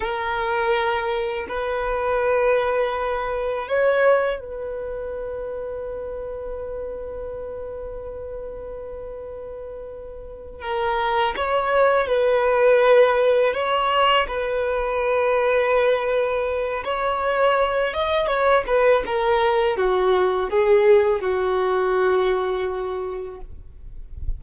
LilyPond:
\new Staff \with { instrumentName = "violin" } { \time 4/4 \tempo 4 = 82 ais'2 b'2~ | b'4 cis''4 b'2~ | b'1~ | b'2~ b'8 ais'4 cis''8~ |
cis''8 b'2 cis''4 b'8~ | b'2. cis''4~ | cis''8 dis''8 cis''8 b'8 ais'4 fis'4 | gis'4 fis'2. | }